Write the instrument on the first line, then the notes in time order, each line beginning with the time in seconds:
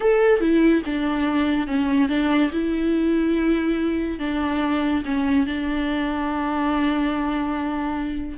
viola
0.00 A4
0.40 E4
0.85 D4
1.67 C#4
2.08 D4
2.52 E4
4.19 D4
5.05 C#4
5.46 D4